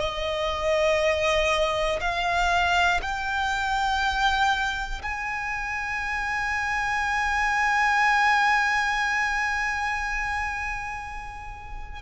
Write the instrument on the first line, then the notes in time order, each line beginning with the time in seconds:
violin
0.00 D#5
2.00 F5
3.01 G5
5.02 G#5